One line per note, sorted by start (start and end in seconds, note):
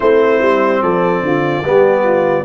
0.00 0.41 A3
0.00 1.63 C4
0.00 0.82 E4
0.00 0.82 C5
0.41 0.82 G3
0.82 1.22 F3
0.82 1.23 A4
0.82 2.44 D5
1.22 1.63 D3
1.22 1.65 F4
1.64 2.44 G3
1.64 2.44 B3
1.64 2.04 G4
2.04 2.44 F4